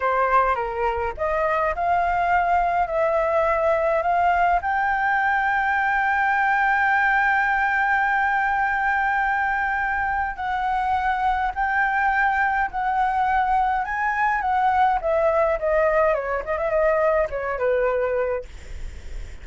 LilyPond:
\new Staff \with { instrumentName = "flute" } { \time 4/4 \tempo 4 = 104 c''4 ais'4 dis''4 f''4~ | f''4 e''2 f''4 | g''1~ | g''1~ |
g''2 fis''2 | g''2 fis''2 | gis''4 fis''4 e''4 dis''4 | cis''8 dis''16 e''16 dis''4 cis''8 b'4. | }